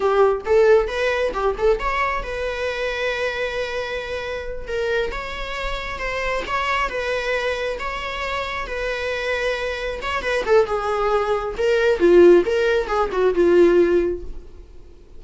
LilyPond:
\new Staff \with { instrumentName = "viola" } { \time 4/4 \tempo 4 = 135 g'4 a'4 b'4 g'8 a'8 | cis''4 b'2.~ | b'2~ b'8 ais'4 cis''8~ | cis''4. c''4 cis''4 b'8~ |
b'4. cis''2 b'8~ | b'2~ b'8 cis''8 b'8 a'8 | gis'2 ais'4 f'4 | ais'4 gis'8 fis'8 f'2 | }